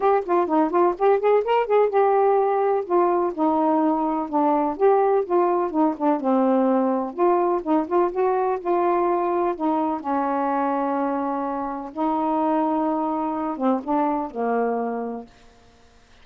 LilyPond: \new Staff \with { instrumentName = "saxophone" } { \time 4/4 \tempo 4 = 126 g'8 f'8 dis'8 f'8 g'8 gis'8 ais'8 gis'8 | g'2 f'4 dis'4~ | dis'4 d'4 g'4 f'4 | dis'8 d'8 c'2 f'4 |
dis'8 f'8 fis'4 f'2 | dis'4 cis'2.~ | cis'4 dis'2.~ | dis'8 c'8 d'4 ais2 | }